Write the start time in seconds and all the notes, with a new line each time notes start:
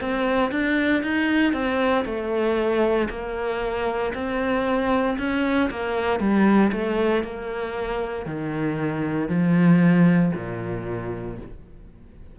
0.00 C4
0.51 D4
1.03 D#4
1.52 C4
2.05 A3
3.09 A#3
4.14 C4
5.18 C#4
5.70 A#3
6.19 G3
6.72 A3
7.23 A#3
8.25 D#3
9.28 F3
10.34 A#2